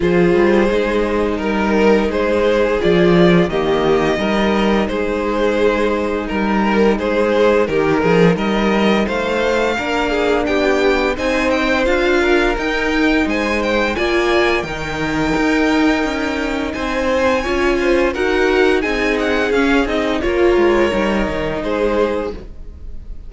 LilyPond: <<
  \new Staff \with { instrumentName = "violin" } { \time 4/4 \tempo 4 = 86 c''2 ais'4 c''4 | d''4 dis''2 c''4~ | c''4 ais'4 c''4 ais'4 | dis''4 f''2 g''4 |
gis''8 g''8 f''4 g''4 gis''8 g''8 | gis''4 g''2. | gis''2 fis''4 gis''8 fis''8 | f''8 dis''8 cis''2 c''4 | }
  \new Staff \with { instrumentName = "violin" } { \time 4/4 gis'2 ais'4 gis'4~ | gis'4 g'4 ais'4 gis'4~ | gis'4 ais'4 gis'4 g'8 gis'8 | ais'4 c''4 ais'8 gis'8 g'4 |
c''4. ais'4. c''4 | d''4 ais'2. | c''4 cis''8 c''8 ais'4 gis'4~ | gis'4 ais'2 gis'4 | }
  \new Staff \with { instrumentName = "viola" } { \time 4/4 f'4 dis'2. | f'4 ais4 dis'2~ | dis'1~ | dis'2 d'2 |
dis'4 f'4 dis'2 | f'4 dis'2.~ | dis'4 f'4 fis'4 dis'4 | cis'8 dis'8 f'4 dis'2 | }
  \new Staff \with { instrumentName = "cello" } { \time 4/4 f8 g8 gis4 g4 gis4 | f4 dis4 g4 gis4~ | gis4 g4 gis4 dis8 f8 | g4 a4 ais4 b4 |
c'4 d'4 dis'4 gis4 | ais4 dis4 dis'4 cis'4 | c'4 cis'4 dis'4 c'4 | cis'8 c'8 ais8 gis8 g8 dis8 gis4 | }
>>